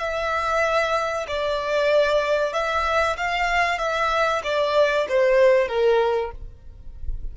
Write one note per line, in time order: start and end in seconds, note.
0.00 1.26 E5
1.28 2.53 D5
2.53 3.17 E5
3.17 3.79 F5
3.79 4.42 E5
4.44 5.07 D5
5.09 5.68 C5
5.68 6.32 A#4